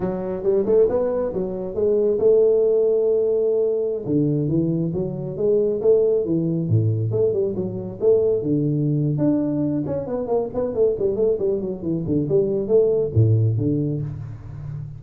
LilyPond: \new Staff \with { instrumentName = "tuba" } { \time 4/4 \tempo 4 = 137 fis4 g8 a8 b4 fis4 | gis4 a2.~ | a4~ a16 d4 e4 fis8.~ | fis16 gis4 a4 e4 a,8.~ |
a,16 a8 g8 fis4 a4 d8.~ | d4 d'4. cis'8 b8 ais8 | b8 a8 g8 a8 g8 fis8 e8 d8 | g4 a4 a,4 d4 | }